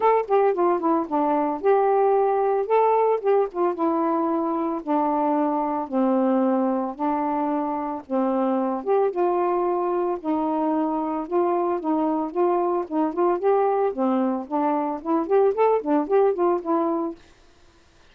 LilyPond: \new Staff \with { instrumentName = "saxophone" } { \time 4/4 \tempo 4 = 112 a'8 g'8 f'8 e'8 d'4 g'4~ | g'4 a'4 g'8 f'8 e'4~ | e'4 d'2 c'4~ | c'4 d'2 c'4~ |
c'8 g'8 f'2 dis'4~ | dis'4 f'4 dis'4 f'4 | dis'8 f'8 g'4 c'4 d'4 | e'8 g'8 a'8 d'8 g'8 f'8 e'4 | }